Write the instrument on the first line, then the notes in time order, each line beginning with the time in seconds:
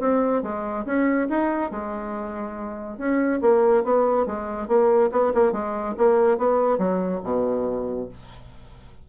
bassoon
0.00 C4
0.43 G#3
0.85 C#4
1.29 D#4
1.71 G#3
2.98 C#4
3.42 A#3
3.84 B3
4.26 G#3
4.68 A#3
5.12 B3
5.34 A#3
5.52 G#3
5.97 A#3
6.38 B3
6.78 F#3
7.23 B2